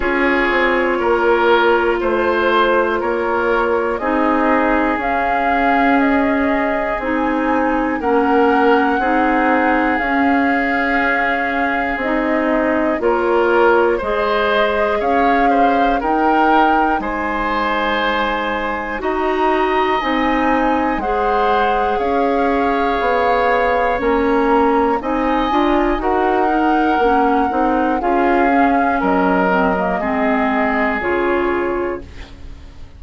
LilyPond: <<
  \new Staff \with { instrumentName = "flute" } { \time 4/4 \tempo 4 = 60 cis''2 c''4 cis''4 | dis''4 f''4 dis''4 gis''4 | fis''2 f''2 | dis''4 cis''4 dis''4 f''4 |
g''4 gis''2 ais''4 | gis''4 fis''4 f''2 | ais''4 gis''4 fis''2 | f''4 dis''2 cis''4 | }
  \new Staff \with { instrumentName = "oboe" } { \time 4/4 gis'4 ais'4 c''4 ais'4 | gis'1 | ais'4 gis'2.~ | gis'4 ais'4 c''4 cis''8 c''8 |
ais'4 c''2 dis''4~ | dis''4 c''4 cis''2~ | cis''4 dis''4 ais'2 | gis'4 ais'4 gis'2 | }
  \new Staff \with { instrumentName = "clarinet" } { \time 4/4 f'1 | dis'4 cis'2 dis'4 | cis'4 dis'4 cis'2 | dis'4 f'4 gis'2 |
dis'2. fis'4 | dis'4 gis'2. | cis'4 dis'8 f'8 fis'8 dis'8 cis'8 dis'8 | f'8 cis'4 c'16 ais16 c'4 f'4 | }
  \new Staff \with { instrumentName = "bassoon" } { \time 4/4 cis'8 c'8 ais4 a4 ais4 | c'4 cis'2 c'4 | ais4 c'4 cis'2 | c'4 ais4 gis4 cis'4 |
dis'4 gis2 dis'4 | c'4 gis4 cis'4 b4 | ais4 c'8 d'8 dis'4 ais8 c'8 | cis'4 fis4 gis4 cis4 | }
>>